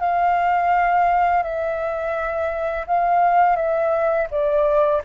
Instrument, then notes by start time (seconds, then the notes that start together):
flute
0.00 F5
1.43 E5
2.87 F5
3.56 E5
4.31 D5